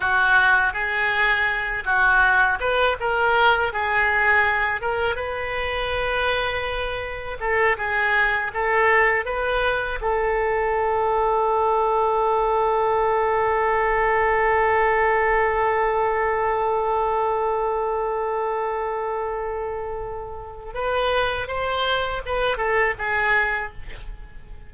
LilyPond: \new Staff \with { instrumentName = "oboe" } { \time 4/4 \tempo 4 = 81 fis'4 gis'4. fis'4 b'8 | ais'4 gis'4. ais'8 b'4~ | b'2 a'8 gis'4 a'8~ | a'8 b'4 a'2~ a'8~ |
a'1~ | a'1~ | a'1 | b'4 c''4 b'8 a'8 gis'4 | }